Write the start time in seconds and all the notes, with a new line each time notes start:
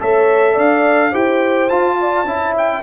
0.00 A3 A4 C#5 E5
0.53 D4 D5 F5
1.10 E4 G4 C5 G5
1.69 F4 A5
2.00 D5
2.25 C#4 E4 E5
2.58 G5